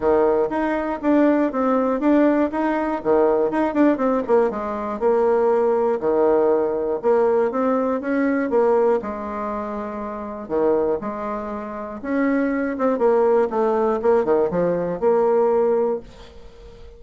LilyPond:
\new Staff \with { instrumentName = "bassoon" } { \time 4/4 \tempo 4 = 120 dis4 dis'4 d'4 c'4 | d'4 dis'4 dis4 dis'8 d'8 | c'8 ais8 gis4 ais2 | dis2 ais4 c'4 |
cis'4 ais4 gis2~ | gis4 dis4 gis2 | cis'4. c'8 ais4 a4 | ais8 dis8 f4 ais2 | }